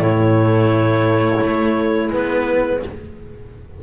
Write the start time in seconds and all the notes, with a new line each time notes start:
0.00 A2 A3 E4 C#5
1.41 A3
2.11 G#3 B3 B4